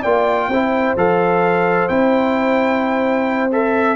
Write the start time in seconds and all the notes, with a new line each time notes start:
0.00 A#3 F4 D5 G5
0.48 C4 E4 C5
0.96 F3 A4 F5
1.88 C4 E4 G5
3.52 A4 E5